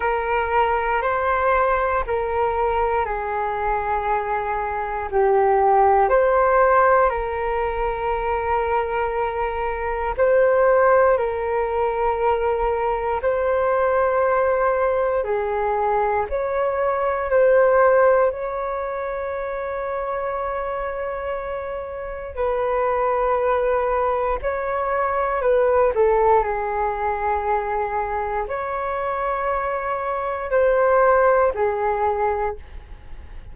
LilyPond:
\new Staff \with { instrumentName = "flute" } { \time 4/4 \tempo 4 = 59 ais'4 c''4 ais'4 gis'4~ | gis'4 g'4 c''4 ais'4~ | ais'2 c''4 ais'4~ | ais'4 c''2 gis'4 |
cis''4 c''4 cis''2~ | cis''2 b'2 | cis''4 b'8 a'8 gis'2 | cis''2 c''4 gis'4 | }